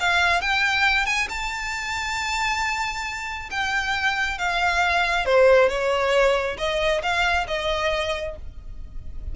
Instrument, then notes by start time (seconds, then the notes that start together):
violin
0.00 F5
0.41 G5
1.06 G#5
1.29 A5
3.51 G5
4.38 F5
5.26 C5
5.69 C#5
6.58 D#5
7.03 F5
7.48 D#5